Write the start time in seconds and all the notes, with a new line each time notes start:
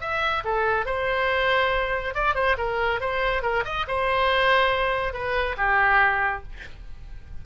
0.00 E5
0.44 A4
0.85 C5
2.14 D5
2.34 C5
2.57 A#4
3.00 C5
3.42 A#4
3.64 D#5
3.87 C5
5.13 B4
5.57 G4